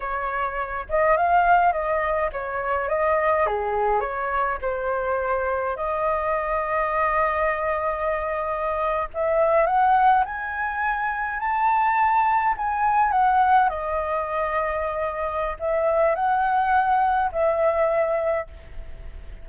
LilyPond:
\new Staff \with { instrumentName = "flute" } { \time 4/4 \tempo 4 = 104 cis''4. dis''8 f''4 dis''4 | cis''4 dis''4 gis'4 cis''4 | c''2 dis''2~ | dis''2.~ dis''8. e''16~ |
e''8. fis''4 gis''2 a''16~ | a''4.~ a''16 gis''4 fis''4 dis''16~ | dis''2. e''4 | fis''2 e''2 | }